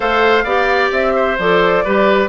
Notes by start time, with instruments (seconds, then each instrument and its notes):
0.00 bassoon A3, clarinet A4, oboe C5, flute F5
0.44 bassoon B3, clarinet G4, oboe D5
0.91 bassoon C4, flute E5
1.15 oboe C5
1.38 bassoon F3, clarinet A4, flute D5
1.84 bassoon G3, clarinet G4, oboe B4